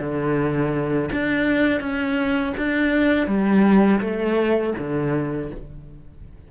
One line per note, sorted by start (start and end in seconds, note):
0.00 1.10 D3
1.12 1.81 D4
1.81 2.54 C#4
2.57 3.27 D4
3.27 4.00 G3
4.01 4.74 A3
4.78 5.51 D3